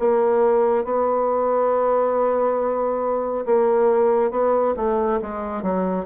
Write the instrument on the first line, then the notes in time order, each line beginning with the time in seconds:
bassoon
0.00 A#3
0.85 B3
3.46 A#3
4.31 B3
4.77 A3
5.22 G#3
5.62 F#3